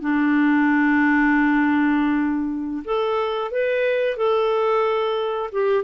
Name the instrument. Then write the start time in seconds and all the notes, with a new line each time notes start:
clarinet
0.00 D4
2.85 A4
3.51 B4
4.16 A4
5.52 G4